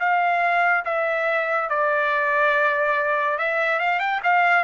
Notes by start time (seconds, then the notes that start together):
0.00 F5
0.85 E5
1.69 D5
3.38 E5
3.80 F5
4.00 G5
4.24 F5